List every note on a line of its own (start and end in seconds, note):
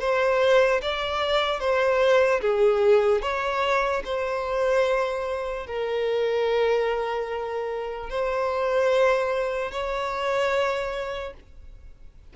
0.00 0.81 C5
0.82 1.60 D5
1.60 2.41 C5
2.41 3.22 G#4
3.22 4.03 C#5
4.04 5.66 C5
5.67 8.10 A#4
8.10 9.71 C5
9.71 11.34 C#5